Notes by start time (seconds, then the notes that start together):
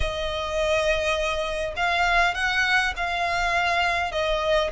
0.00 D#5
1.76 F5
2.34 F#5
2.96 F5
4.11 D#5